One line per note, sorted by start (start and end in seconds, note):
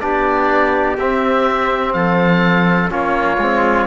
0.00 0.98 B3
0.00 0.98 D4
0.00 1.96 G4
0.00 0.97 D5
0.98 1.94 C4
0.98 2.89 C4
0.98 1.93 E5
1.93 2.90 F3
1.93 2.91 A4
1.93 2.90 F5
2.89 3.37 A#3
2.89 3.37 C#4
2.89 3.87 F4
2.89 3.87 C#5
3.37 3.86 G#3
3.37 3.87 C4